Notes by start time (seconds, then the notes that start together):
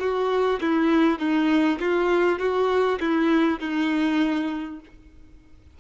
0.00 F#4
0.61 E4
1.19 D#4
1.80 F4
2.39 F#4
3.01 E4
3.59 D#4